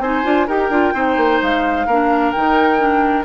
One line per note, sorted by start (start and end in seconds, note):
0.00 0.23 C4
0.00 0.24 D#4
0.00 0.47 C5
0.00 0.48 G#5
0.24 0.48 D4
0.24 0.47 F4
0.47 0.70 D#4
0.47 0.71 G4
0.47 0.94 A#4
0.47 1.42 G5
0.70 0.93 D4
0.70 0.94 F4
0.94 1.17 C4
0.94 1.87 D#4
0.94 1.87 C5
1.17 1.40 A#3
1.43 1.87 G#3
1.43 2.32 F5
1.87 2.33 A#3
1.87 2.36 D4
1.87 3.26 A#4
2.32 3.26 D#3
2.32 2.79 D#4
2.32 3.25 G5
2.79 3.25 D4